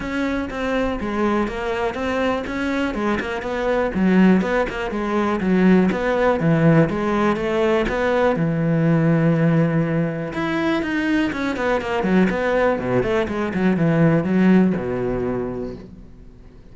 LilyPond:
\new Staff \with { instrumentName = "cello" } { \time 4/4 \tempo 4 = 122 cis'4 c'4 gis4 ais4 | c'4 cis'4 gis8 ais8 b4 | fis4 b8 ais8 gis4 fis4 | b4 e4 gis4 a4 |
b4 e2.~ | e4 e'4 dis'4 cis'8 b8 | ais8 fis8 b4 b,8 a8 gis8 fis8 | e4 fis4 b,2 | }